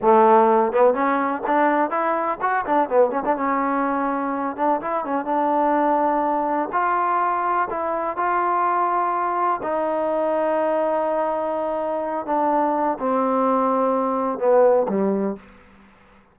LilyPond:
\new Staff \with { instrumentName = "trombone" } { \time 4/4 \tempo 4 = 125 a4. b8 cis'4 d'4 | e'4 fis'8 d'8 b8 cis'16 d'16 cis'4~ | cis'4. d'8 e'8 cis'8 d'4~ | d'2 f'2 |
e'4 f'2. | dis'1~ | dis'4. d'4. c'4~ | c'2 b4 g4 | }